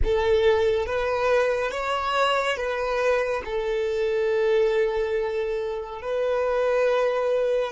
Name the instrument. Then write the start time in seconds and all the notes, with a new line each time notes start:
violin
0.04 A4
0.86 B4
1.71 C#5
2.56 B4
3.44 A4
6.01 B4